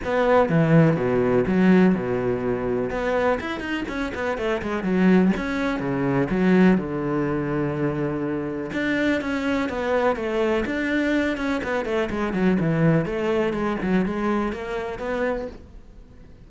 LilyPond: \new Staff \with { instrumentName = "cello" } { \time 4/4 \tempo 4 = 124 b4 e4 b,4 fis4 | b,2 b4 e'8 dis'8 | cis'8 b8 a8 gis8 fis4 cis'4 | cis4 fis4 d2~ |
d2 d'4 cis'4 | b4 a4 d'4. cis'8 | b8 a8 gis8 fis8 e4 a4 | gis8 fis8 gis4 ais4 b4 | }